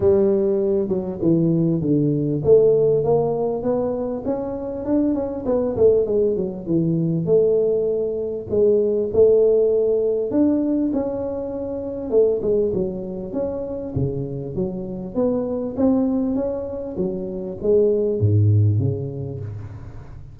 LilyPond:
\new Staff \with { instrumentName = "tuba" } { \time 4/4 \tempo 4 = 99 g4. fis8 e4 d4 | a4 ais4 b4 cis'4 | d'8 cis'8 b8 a8 gis8 fis8 e4 | a2 gis4 a4~ |
a4 d'4 cis'2 | a8 gis8 fis4 cis'4 cis4 | fis4 b4 c'4 cis'4 | fis4 gis4 gis,4 cis4 | }